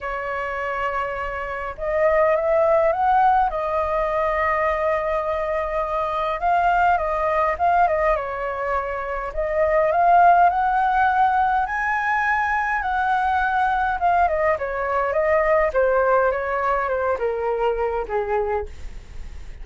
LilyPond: \new Staff \with { instrumentName = "flute" } { \time 4/4 \tempo 4 = 103 cis''2. dis''4 | e''4 fis''4 dis''2~ | dis''2. f''4 | dis''4 f''8 dis''8 cis''2 |
dis''4 f''4 fis''2 | gis''2 fis''2 | f''8 dis''8 cis''4 dis''4 c''4 | cis''4 c''8 ais'4. gis'4 | }